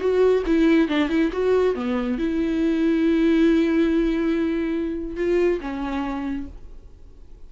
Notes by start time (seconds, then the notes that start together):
0.00 F#4
0.47 E4
0.88 D4
1.09 E4
1.32 F#4
1.75 B3
2.19 E4
5.17 F4
5.61 C#4